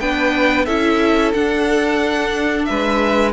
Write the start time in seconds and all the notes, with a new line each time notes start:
0.00 B3 D4 B4 G5
0.66 C#4 E4 A4 E5
1.34 D4 F#5
2.65 G#3 B4 E5